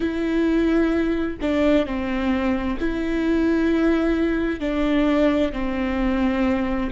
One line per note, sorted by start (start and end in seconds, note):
0.00 1.37 E4
1.41 1.85 D4
1.85 2.78 C4
2.79 4.59 E4
4.59 5.52 D4
5.52 6.90 C4